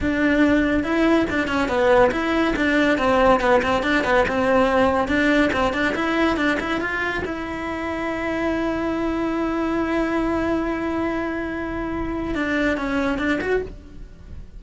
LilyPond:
\new Staff \with { instrumentName = "cello" } { \time 4/4 \tempo 4 = 141 d'2 e'4 d'8 cis'8 | b4 e'4 d'4 c'4 | b8 c'8 d'8 b8 c'2 | d'4 c'8 d'8 e'4 d'8 e'8 |
f'4 e'2.~ | e'1~ | e'1~ | e'4 d'4 cis'4 d'8 fis'8 | }